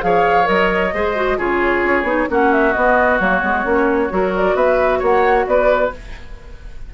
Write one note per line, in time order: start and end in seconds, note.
0.00 0.48 F3
0.00 0.44 G#4
0.00 0.94 C#5
0.00 0.47 F5
0.44 0.93 F#3
0.44 0.89 A#4
0.44 1.38 D#5
0.93 1.38 G#3
0.93 1.15 G#4
0.93 1.37 C5
1.15 1.37 F#4
1.37 1.83 C#3
1.37 2.05 F4
1.37 2.28 G#4
1.37 2.30 C#5
1.83 2.03 C#4
2.03 2.26 B3
2.03 2.27 D#4
2.29 2.75 A#3
2.29 2.74 C#4
2.29 4.12 F#4
2.29 2.52 F#5
2.52 2.73 E5
2.73 3.20 B3
2.73 3.18 D#5
3.19 3.42 F#3
3.19 3.42 A#3
3.19 4.33 C#5
3.42 3.64 G#3
3.42 3.64 B3
3.64 4.10 A#3
3.64 4.09 C#4
4.09 4.54 F#3
4.09 5.91 F#4
4.09 4.55 A#4
4.35 4.55 D5
4.54 5.00 B3
4.54 4.98 B4
4.54 5.01 E5
4.98 5.46 A#3
4.98 5.44 C#5
4.98 5.47 F#5
5.46 5.92 B3
5.46 5.94 B4
5.46 5.93 D5